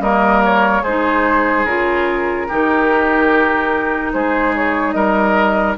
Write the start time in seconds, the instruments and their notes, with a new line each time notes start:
0.00 bassoon G3, clarinet A#3, oboe A#4, flute D#5
0.45 flute C#5
0.83 bassoon G#3, clarinet D#4, oboe G#4, flute C5
1.65 bassoon C#3, clarinet F4, flute A#4
2.48 bassoon D#3, clarinet D#4, oboe G4
4.13 bassoon G#3, oboe G#4, flute C5
4.56 flute C#5
4.92 bassoon G3, oboe A#4, flute D#5